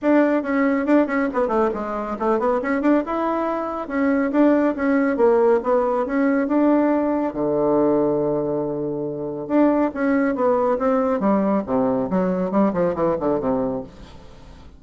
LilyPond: \new Staff \with { instrumentName = "bassoon" } { \time 4/4 \tempo 4 = 139 d'4 cis'4 d'8 cis'8 b8 a8 | gis4 a8 b8 cis'8 d'8 e'4~ | e'4 cis'4 d'4 cis'4 | ais4 b4 cis'4 d'4~ |
d'4 d2.~ | d2 d'4 cis'4 | b4 c'4 g4 c4 | fis4 g8 f8 e8 d8 c4 | }